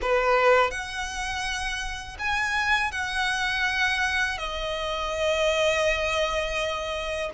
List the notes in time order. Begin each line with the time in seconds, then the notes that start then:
0.01 B4
0.71 F#5
2.19 G#5
2.91 F#5
4.37 D#5